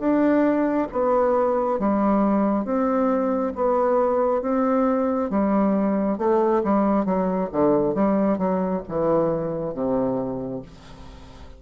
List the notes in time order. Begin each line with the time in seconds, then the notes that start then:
0.00 D4
0.93 B3
1.80 G3
2.65 C4
3.56 B3
4.42 C4
5.31 G3
6.19 A3
6.64 G3
7.05 F#3
7.52 D3
7.95 G3
8.38 F#3
8.89 E3
9.75 C3